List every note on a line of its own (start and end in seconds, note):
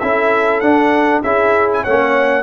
0.00 0.61 C#4
0.00 0.63 E4
0.00 1.24 A4
0.00 0.61 E5
0.61 1.22 D4
0.61 1.24 D4
0.61 1.22 F#5
1.23 1.85 C#4
1.23 1.87 E4
1.23 1.82 G#4
1.23 1.69 E5
1.73 1.84 G#5
1.82 2.43 A#3
1.82 2.43 C#4
1.82 2.43 C#5
1.82 2.43 F#5